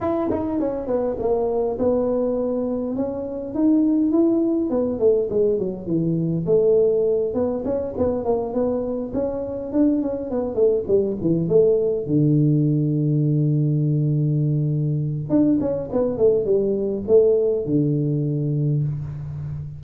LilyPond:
\new Staff \with { instrumentName = "tuba" } { \time 4/4 \tempo 4 = 102 e'8 dis'8 cis'8 b8 ais4 b4~ | b4 cis'4 dis'4 e'4 | b8 a8 gis8 fis8 e4 a4~ | a8 b8 cis'8 b8 ais8 b4 cis'8~ |
cis'8 d'8 cis'8 b8 a8 g8 e8 a8~ | a8 d2.~ d8~ | d2 d'8 cis'8 b8 a8 | g4 a4 d2 | }